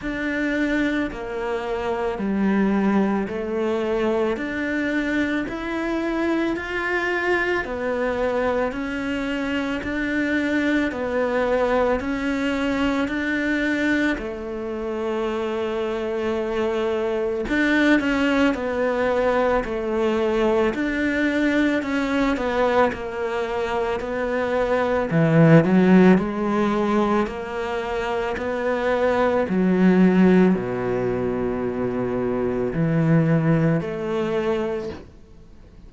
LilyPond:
\new Staff \with { instrumentName = "cello" } { \time 4/4 \tempo 4 = 55 d'4 ais4 g4 a4 | d'4 e'4 f'4 b4 | cis'4 d'4 b4 cis'4 | d'4 a2. |
d'8 cis'8 b4 a4 d'4 | cis'8 b8 ais4 b4 e8 fis8 | gis4 ais4 b4 fis4 | b,2 e4 a4 | }